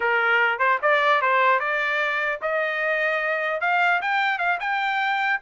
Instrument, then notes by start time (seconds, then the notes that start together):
trumpet
0.00 A#4
0.59 C5
0.82 D5
1.21 C5
1.59 D5
2.41 D#5
3.61 F5
4.01 G5
4.38 F5
4.59 G5